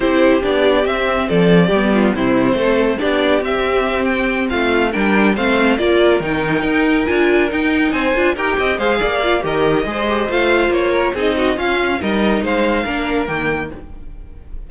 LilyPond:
<<
  \new Staff \with { instrumentName = "violin" } { \time 4/4 \tempo 4 = 140 c''4 d''4 e''4 d''4~ | d''4 c''2 d''4 | e''4. g''4 f''4 g''8~ | g''8 f''4 d''4 g''4.~ |
g''8 gis''4 g''4 gis''4 g''8~ | g''8 f''4. dis''2 | f''4 cis''4 dis''4 f''4 | dis''4 f''2 g''4 | }
  \new Staff \with { instrumentName = "violin" } { \time 4/4 g'2. a'4 | g'8 f'8 e'4 a'4 g'4~ | g'2~ g'8 f'4 ais'8~ | ais'8 c''4 ais'2~ ais'8~ |
ais'2~ ais'8 c''4 ais'8 | dis''8 c''8 d''4 ais'4 c''4~ | c''4. ais'8 gis'8 fis'8 f'4 | ais'4 c''4 ais'2 | }
  \new Staff \with { instrumentName = "viola" } { \time 4/4 e'4 d'4 c'2 | b4 c'2 d'4 | c'2.~ c'8 d'8~ | d'8 c'4 f'4 dis'4.~ |
dis'8 f'4 dis'4. f'8 g'8~ | g'8 gis'4 f'8 g'4 gis'8 g'8 | f'2 dis'4 cis'4 | dis'2 d'4 ais4 | }
  \new Staff \with { instrumentName = "cello" } { \time 4/4 c'4 b4 c'4 f4 | g4 c4 a4 b4 | c'2~ c'8 a4 g8~ | g8 a4 ais4 dis4 dis'8~ |
dis'8 d'4 dis'4 c'8 d'8 dis'8 | c'8 gis8 ais4 dis4 gis4 | a4 ais4 c'4 cis'4 | g4 gis4 ais4 dis4 | }
>>